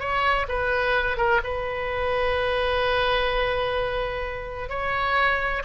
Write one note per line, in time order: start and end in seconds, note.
0.00 0.47 C#5
0.49 1.18 B4
1.18 1.41 A#4
1.44 4.69 B4
4.69 5.63 C#5